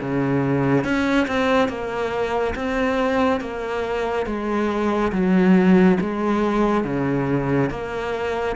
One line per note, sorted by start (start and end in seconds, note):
0.00 0.84 C#3
0.84 1.27 C#4
1.27 1.68 C4
1.68 2.54 A#3
2.55 3.40 C4
3.40 4.26 A#3
4.26 5.12 G#3
5.12 5.97 F#3
6.00 6.84 G#3
6.84 7.70 C#3
7.70 8.56 A#3